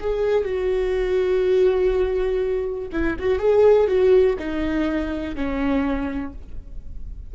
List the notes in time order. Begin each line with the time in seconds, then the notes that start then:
0.00 G#4
0.44 F#4
2.92 E4
3.19 F#4
3.38 G#4
3.87 F#4
4.39 D#4
5.35 C#4